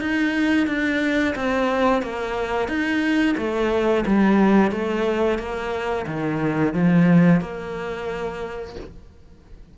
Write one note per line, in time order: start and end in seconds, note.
0.00 0.67 D#4
0.67 1.34 D4
1.35 2.02 C4
2.02 2.68 A#3
2.68 3.35 D#4
3.37 4.04 A3
4.06 4.71 G3
4.71 5.38 A3
5.38 6.06 A#3
6.06 6.73 D#3
6.73 7.41 F3
7.41 8.75 A#3